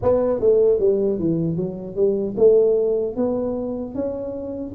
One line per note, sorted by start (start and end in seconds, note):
0.02 0.39 B3
0.39 0.79 A3
0.79 1.18 G3
1.18 1.56 E3
1.56 1.95 F#3
1.95 2.35 G3
2.37 3.15 A3
3.15 3.94 B3
3.94 4.73 C#4